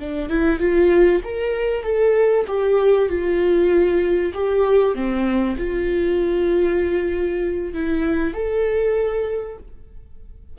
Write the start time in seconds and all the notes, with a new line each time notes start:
0.00 D4
0.30 E4
0.60 F4
1.24 A#4
1.83 A4
2.48 G4
3.09 F4
4.35 G4
4.95 C4
5.58 F4
7.74 E4
8.34 A4